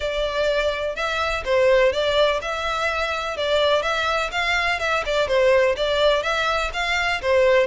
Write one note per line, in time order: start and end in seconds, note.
0.00 0.95 D5
0.95 1.43 E5
1.44 1.92 C5
1.92 2.40 D5
2.41 3.36 E5
3.36 3.82 D5
3.82 4.30 E5
4.31 4.79 F5
4.79 5.03 E5
5.05 5.27 D5
5.27 5.75 C5
5.76 6.22 D5
6.22 6.70 E5
6.73 7.21 F5
7.21 7.66 C5